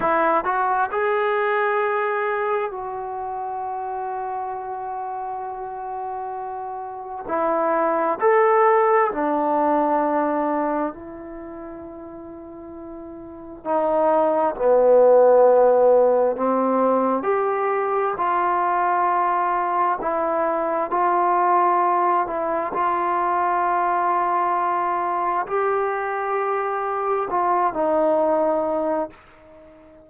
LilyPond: \new Staff \with { instrumentName = "trombone" } { \time 4/4 \tempo 4 = 66 e'8 fis'8 gis'2 fis'4~ | fis'1 | e'4 a'4 d'2 | e'2. dis'4 |
b2 c'4 g'4 | f'2 e'4 f'4~ | f'8 e'8 f'2. | g'2 f'8 dis'4. | }